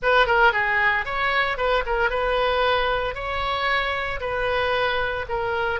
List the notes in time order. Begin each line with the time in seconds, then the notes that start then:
0.02 B4
0.26 A#4
0.52 G#4
1.05 C#5
1.57 B4
1.86 A#4
2.09 B4
3.14 C#5
4.20 B4
5.28 A#4